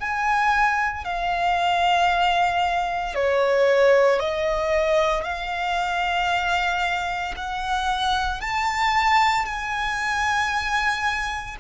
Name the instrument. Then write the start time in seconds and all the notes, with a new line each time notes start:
violin
0.00 G#5
1.05 F5
3.15 C#5
4.20 D#5
5.24 F5
7.36 F#5
8.41 A5
9.46 G#5